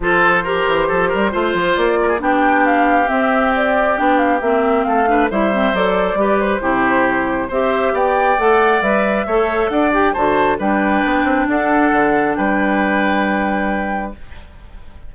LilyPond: <<
  \new Staff \with { instrumentName = "flute" } { \time 4/4 \tempo 4 = 136 c''1 | d''4 g''4 f''4 e''4 | d''4 g''8 f''8 e''4 f''4 | e''4 d''4. c''4.~ |
c''4 e''4 g''4 fis''4 | e''2 fis''8 g''8 a''4 | g''2 fis''2 | g''1 | }
  \new Staff \with { instrumentName = "oboe" } { \time 4/4 a'4 ais'4 a'8 ais'8 c''4~ | c''8 ais'16 gis'16 g'2.~ | g'2. a'8 b'8 | c''2 b'4 g'4~ |
g'4 c''4 d''2~ | d''4 cis''4 d''4 c''4 | b'2 a'2 | b'1 | }
  \new Staff \with { instrumentName = "clarinet" } { \time 4/4 f'4 g'2 f'4~ | f'4 d'2 c'4~ | c'4 d'4 c'4. d'8 | e'8 c'8 a'4 g'4 e'4~ |
e'4 g'2 a'4 | b'4 a'4. g'8 fis'4 | d'1~ | d'1 | }
  \new Staff \with { instrumentName = "bassoon" } { \time 4/4 f4. e8 f8 g8 a8 f8 | ais4 b2 c'4~ | c'4 b4 ais4 a4 | g4 fis4 g4 c4~ |
c4 c'4 b4 a4 | g4 a4 d'4 d4 | g4 b8 c'8 d'4 d4 | g1 | }
>>